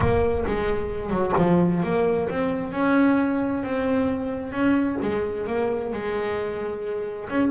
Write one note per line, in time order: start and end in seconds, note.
0.00 0.44 A#3
0.46 1.10 G#3
1.10 1.32 F#3
1.37 1.83 F3
1.83 2.28 A#3
2.29 2.72 C4
2.72 3.63 C#4
3.63 4.52 C4
4.52 4.97 C#4
5.02 5.47 G#3
5.47 5.92 A#3
5.92 7.28 G#3
7.29 7.50 C#4